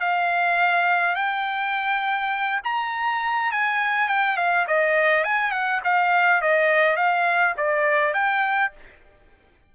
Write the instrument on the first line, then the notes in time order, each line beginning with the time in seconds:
trumpet
0.00 F5
1.15 G5
2.64 A#5
3.51 G#5
4.08 G5
4.37 F5
4.67 D#5
5.24 G#5
5.51 F#5
5.84 F5
6.41 D#5
6.96 F5
7.57 D5
8.13 G5